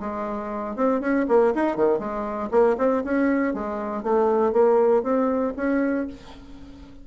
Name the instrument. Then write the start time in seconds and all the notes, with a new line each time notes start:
bassoon
0.00 G#3
0.75 C4
1.00 C#4
1.28 A#3
1.54 D#4
1.76 D#3
1.99 G#3
2.51 A#3
2.78 C4
3.04 C#4
3.53 G#3
4.03 A3
4.52 A#3
5.03 C4
5.56 C#4